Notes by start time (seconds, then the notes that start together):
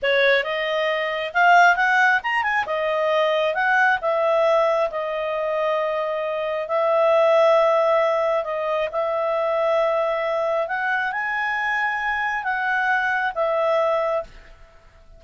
0.02 C#5
0.43 D#5
1.33 F5
1.76 F#5
2.23 A#5
2.42 G#5
2.66 D#5
3.54 F#5
4.01 E5
4.90 D#5
6.68 E5
8.44 D#5
8.91 E5
10.67 F#5
11.12 G#5
12.43 F#5
13.34 E5